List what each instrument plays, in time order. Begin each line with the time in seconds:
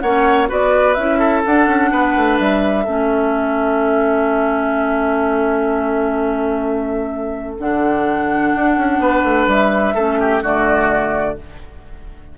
0.00 bassoon A#3, clarinet C#4, oboe C#5, flute F#5
0.47 bassoon B3, clarinet F#4, oboe B4, flute D5
0.94 bassoon C#4, clarinet E4, flute E5
1.19 oboe A4
1.45 clarinet D4, bassoon D4, flute F#5
1.67 bassoon C#4
1.92 bassoon B3, oboe B4
2.16 bassoon A3
2.37 bassoon G3, flute E5
2.84 bassoon A3, clarinet C#4, oboe A4
7.58 bassoon D3, clarinet D4, flute F#5
8.55 bassoon D4
8.77 bassoon C#4
8.99 bassoon B3, oboe B4
9.23 bassoon A3
9.47 bassoon G3, flute E5
9.94 bassoon A3, clarinet C#4, oboe A4
10.20 oboe G4
10.42 bassoon D3, clarinet A3, oboe F#4, flute D5